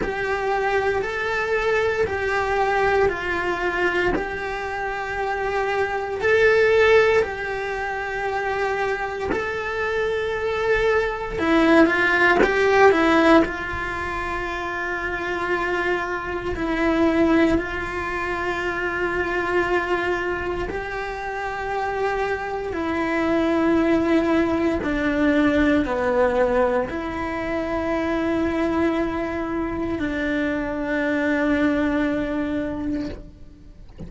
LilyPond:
\new Staff \with { instrumentName = "cello" } { \time 4/4 \tempo 4 = 58 g'4 a'4 g'4 f'4 | g'2 a'4 g'4~ | g'4 a'2 e'8 f'8 | g'8 e'8 f'2. |
e'4 f'2. | g'2 e'2 | d'4 b4 e'2~ | e'4 d'2. | }